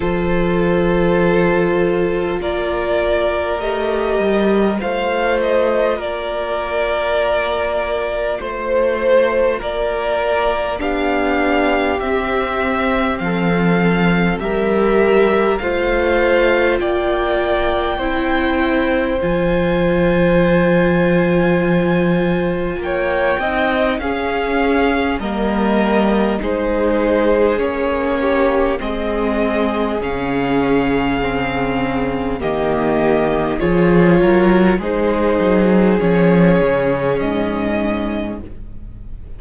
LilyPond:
<<
  \new Staff \with { instrumentName = "violin" } { \time 4/4 \tempo 4 = 50 c''2 d''4 dis''4 | f''8 dis''8 d''2 c''4 | d''4 f''4 e''4 f''4 | e''4 f''4 g''2 |
gis''2. g''4 | f''4 dis''4 c''4 cis''4 | dis''4 f''2 dis''4 | cis''4 c''4 cis''4 dis''4 | }
  \new Staff \with { instrumentName = "violin" } { \time 4/4 a'2 ais'2 | c''4 ais'2 c''4 | ais'4 g'2 a'4 | ais'4 c''4 d''4 c''4~ |
c''2. cis''8 dis''8 | gis'4 ais'4 gis'4. g'8 | gis'2. g'4 | gis'8 ais'8 gis'2. | }
  \new Staff \with { instrumentName = "viola" } { \time 4/4 f'2. g'4 | f'1~ | f'4 d'4 c'2 | g'4 f'2 e'4 |
f'2.~ f'8 dis'8 | cis'4 ais4 dis'4 cis'4 | c'4 cis'4 c'4 ais4 | f'4 dis'4 cis'2 | }
  \new Staff \with { instrumentName = "cello" } { \time 4/4 f2 ais4 a8 g8 | a4 ais2 a4 | ais4 b4 c'4 f4 | g4 a4 ais4 c'4 |
f2. ais8 c'8 | cis'4 g4 gis4 ais4 | gis4 cis2 dis4 | f8 fis8 gis8 fis8 f8 cis8 gis,4 | }
>>